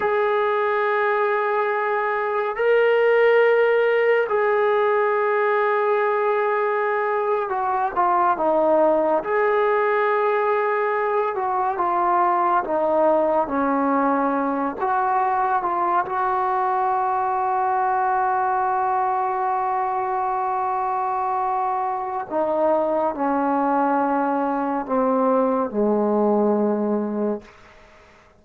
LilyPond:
\new Staff \with { instrumentName = "trombone" } { \time 4/4 \tempo 4 = 70 gis'2. ais'4~ | ais'4 gis'2.~ | gis'8. fis'8 f'8 dis'4 gis'4~ gis'16~ | gis'4~ gis'16 fis'8 f'4 dis'4 cis'16~ |
cis'4~ cis'16 fis'4 f'8 fis'4~ fis'16~ | fis'1~ | fis'2 dis'4 cis'4~ | cis'4 c'4 gis2 | }